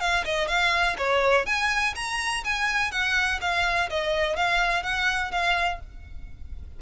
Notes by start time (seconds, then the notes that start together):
0.00 F5
0.24 D#5
0.48 F5
0.98 C#5
1.46 G#5
1.96 A#5
2.44 G#5
2.91 F#5
3.41 F5
3.90 D#5
4.36 F5
4.83 F#5
5.31 F5